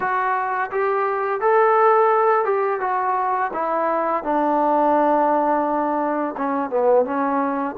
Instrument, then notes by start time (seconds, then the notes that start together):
trombone
0.00 F#4
0.71 G4
1.40 A4
2.44 G4
2.80 F#4
3.53 E4
4.23 D4
6.37 C#4
6.70 B3
7.05 C#4